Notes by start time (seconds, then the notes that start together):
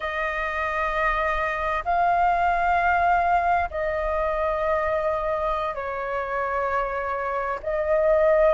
0.00 D#5
1.85 F5
3.70 D#5
5.74 C#5
7.62 D#5